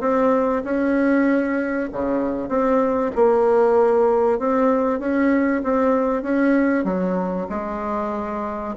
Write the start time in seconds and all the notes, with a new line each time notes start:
0.00 C4
0.64 C#4
1.92 C#3
2.48 C4
3.15 A#3
4.39 C4
4.99 C#4
5.63 C4
6.22 C#4
6.84 F#3
7.49 G#3